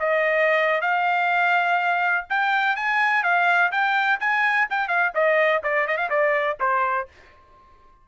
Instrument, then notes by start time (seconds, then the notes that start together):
trumpet
0.00 D#5
0.82 F5
2.30 G5
2.76 G#5
3.24 F5
3.72 G5
4.21 G#5
4.70 G5
4.89 F5
5.15 D#5
5.64 D5
5.88 D#5
5.98 F5
6.10 D5
6.60 C5